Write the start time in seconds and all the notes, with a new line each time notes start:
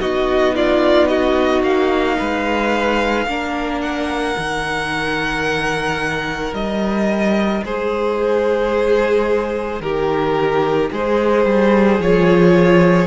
0.00 B3 D#4 F#4 D#5
0.55 F4 D5
1.08 F#4 D#5
1.62 A#3 F5
2.17 G#3 B4
3.27 A#3 D4 A#4
3.81 F#5
4.36 D#3 D#4
6.53 G3 D#5
7.64 G#3 G#4 C5
9.80 D#3 G4 A#4
10.91 G#3 G#4 C5
11.45 G3
11.99 F3 F4 C#5